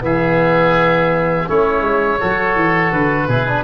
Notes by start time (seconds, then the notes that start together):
0.00 E3 B3 G#4 E5
1.48 A3 C#4 E4 C#5
1.80 G#3
2.20 F#3 F#4 A4
2.55 E3
2.92 D3 B4
3.28 B2 E4 G#4
3.48 D4